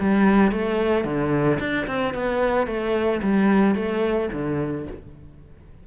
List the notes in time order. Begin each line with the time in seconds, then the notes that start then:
0.00 G3
0.52 A3
1.04 D3
1.59 D4
1.87 C4
2.14 B3
2.67 A3
3.22 G3
3.75 A3
4.32 D3